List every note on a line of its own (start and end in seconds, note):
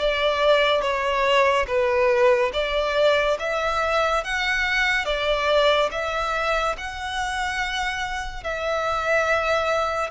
0.00 0.81 D5
0.81 1.66 C#5
1.67 2.52 B4
2.53 3.38 D5
3.40 4.24 E5
4.24 5.06 F#5
5.06 5.90 D5
5.92 6.76 E5
6.78 8.44 F#5
8.44 10.11 E5